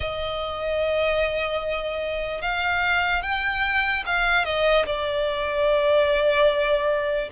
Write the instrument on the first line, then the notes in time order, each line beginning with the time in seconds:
violin
0.00 D#5
2.41 F5
3.22 G5
4.06 F5
4.44 D#5
4.86 D5